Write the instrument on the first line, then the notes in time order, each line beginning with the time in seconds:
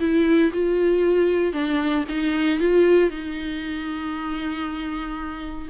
viola
0.00 E4
0.53 F4
1.53 D4
2.09 D#4
2.60 F4
3.10 D#4